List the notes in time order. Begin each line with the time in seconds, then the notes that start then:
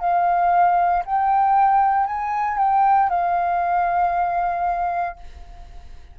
0.00 F5
1.06 G5
2.06 G#5
2.58 G5
3.10 F5